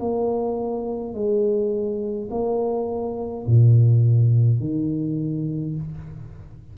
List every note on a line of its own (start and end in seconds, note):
0.00 1.14 A#3
1.14 2.29 G#3
2.31 3.46 A#3
3.47 4.60 A#2
4.60 5.75 D#3